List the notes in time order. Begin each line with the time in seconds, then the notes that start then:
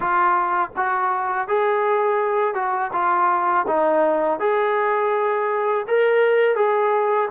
0.00 F4
0.76 F#4
1.48 G#4
2.54 F#4
2.93 F4
3.67 D#4
4.39 G#4
5.87 A#4
6.55 G#4